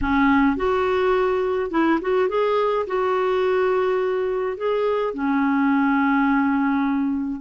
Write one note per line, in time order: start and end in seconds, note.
0.01 0.56 C#4
0.56 1.70 F#4
1.71 1.99 E4
2.01 2.29 F#4
2.29 2.86 G#4
2.86 4.57 F#4
4.57 5.14 G#4
5.14 7.40 C#4